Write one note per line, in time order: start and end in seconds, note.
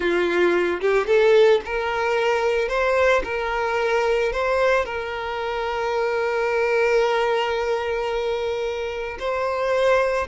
0.00 0.80 F4
0.80 1.07 G4
1.07 1.61 A4
1.65 2.68 A#4
2.68 3.22 C5
3.24 4.32 A#4
4.32 4.85 C5
4.85 9.17 A#4
9.19 10.27 C5